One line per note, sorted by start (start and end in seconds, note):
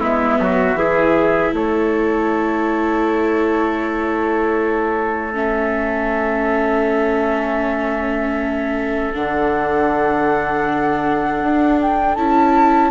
0.00 0.39 G#3
0.00 0.76 B3
0.00 0.38 E4
0.00 1.54 E5
0.40 0.74 F#3
0.40 0.78 F#4
0.74 1.50 E3
0.74 5.33 E4
0.74 1.54 G#4
1.53 9.12 A3
1.53 12.91 A4
1.53 5.35 C#5
5.33 9.13 C#4
5.33 9.14 E5
9.14 11.43 D3
9.14 12.17 D4
9.14 11.80 F#5
11.43 12.17 D4
11.81 12.15 G5
12.15 12.91 C#4
12.15 12.91 E4
12.15 12.91 A5